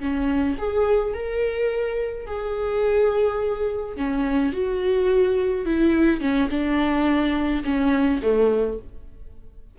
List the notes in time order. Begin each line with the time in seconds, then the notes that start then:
0.00 C#4
0.59 G#4
1.14 A#4
2.27 G#4
3.97 C#4
4.53 F#4
5.66 E4
6.21 C#4
6.51 D4
7.65 C#4
8.23 A3